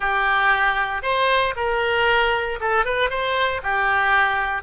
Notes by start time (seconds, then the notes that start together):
0.00 G4
1.02 C5
1.55 A#4
2.60 A4
2.85 B4
3.10 C5
3.62 G4